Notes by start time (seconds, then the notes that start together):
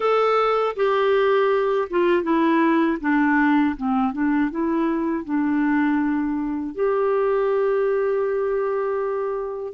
0.00 A4
0.76 G4
1.90 F4
2.23 E4
3.00 D4
3.76 C4
4.12 D4
4.50 E4
5.24 D4
6.75 G4